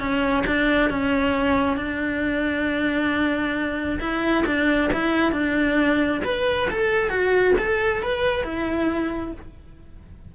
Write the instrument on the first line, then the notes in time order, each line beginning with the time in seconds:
cello
0.00 C#4
0.47 D4
0.91 C#4
1.77 D4
4.00 E4
4.46 D4
4.94 E4
5.33 D4
6.25 B4
6.71 A4
7.10 F#4
7.59 A4
8.03 B4
8.44 E4